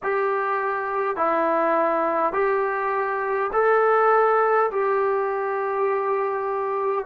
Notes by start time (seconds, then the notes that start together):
0.03 G4
1.16 E4
2.33 G4
3.52 A4
4.71 G4